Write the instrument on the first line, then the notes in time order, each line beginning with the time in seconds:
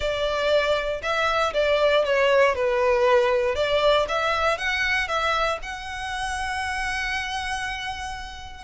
violin
0.00 D5
1.02 E5
1.53 D5
2.04 C#5
2.55 B4
3.55 D5
4.08 E5
4.57 F#5
5.08 E5
5.62 F#5